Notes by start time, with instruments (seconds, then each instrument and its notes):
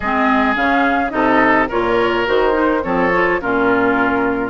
0.00 bassoon G#3, clarinet C4, oboe G#4, flute D#5
0.55 bassoon C#3, clarinet C#4, flute F5
1.10 bassoon C3, clarinet D#4, oboe A4, flute D#5
1.68 bassoon A#2, clarinet F4, oboe A#4, flute C#5
2.25 bassoon D#3, clarinet F#4, flute C5
2.52 clarinet D#4
2.83 bassoon F3, clarinet C4, oboe A4, flute C#5
3.13 clarinet F4
3.41 bassoon A#2, clarinet C#4, oboe F4, flute A#4